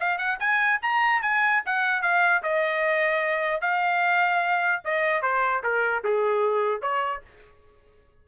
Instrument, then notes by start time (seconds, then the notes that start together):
trumpet
0.00 F5
0.18 F#5
0.40 G#5
0.82 A#5
1.22 G#5
1.65 F#5
2.02 F5
2.43 D#5
3.61 F5
4.84 D#5
5.22 C5
5.63 A#4
6.04 G#4
6.82 C#5